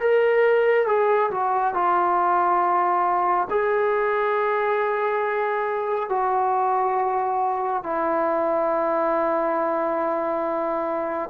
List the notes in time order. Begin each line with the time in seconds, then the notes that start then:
0.00 A#4
0.87 G#4
1.31 F#4
1.74 F4
3.50 G#4
6.09 F#4
7.83 E4